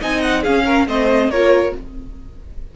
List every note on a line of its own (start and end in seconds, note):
0.00 0.46 C4
0.00 0.45 D#4
0.00 0.42 D#5
0.00 0.21 G#5
0.21 0.42 F#5
0.42 0.87 C#4
0.42 0.64 G#4
0.42 0.87 F5
0.65 0.86 A#4
0.87 1.28 A3
0.87 1.31 C4
0.87 1.31 C5
0.87 1.30 D#5
1.28 1.72 A#3
1.28 1.76 F4
1.28 1.74 A#4
1.28 1.74 C#5